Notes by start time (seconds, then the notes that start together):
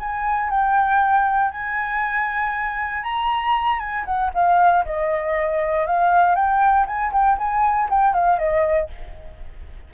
0.00 G#5
0.50 G5
1.52 G#5
3.03 A#5
3.80 G#5
4.06 F#5
4.34 F5
4.86 D#5
5.87 F5
6.35 G5
6.87 G#5
7.13 G5
7.38 G#5
7.90 G5
8.14 F5
8.39 D#5